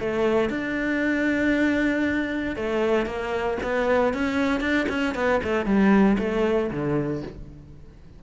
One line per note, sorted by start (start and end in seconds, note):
0.00 0.49 A3
0.49 2.56 D4
2.56 3.06 A3
3.06 3.58 A#3
3.63 4.14 B3
4.14 4.60 C#4
4.60 4.86 D4
4.89 5.15 C#4
5.15 5.41 B3
5.44 5.66 A3
5.66 6.17 G3
6.19 6.70 A3
6.71 7.22 D3